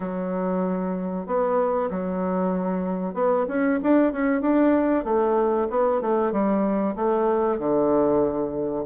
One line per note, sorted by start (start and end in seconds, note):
0.00 1.26 F#3
1.26 1.89 B3
1.90 3.14 F#3
3.14 3.45 B3
3.48 3.79 C#4
3.82 4.12 D4
4.12 4.41 C#4
4.41 5.04 D4
5.04 5.67 A3
5.70 6.01 B3
6.01 6.32 A3
6.32 6.95 G3
6.95 7.58 A3
7.58 8.85 D3